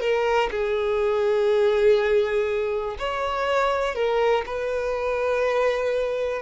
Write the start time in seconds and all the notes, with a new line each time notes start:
0.00 A#4
0.50 G#4
2.98 C#5
3.95 A#4
4.46 B4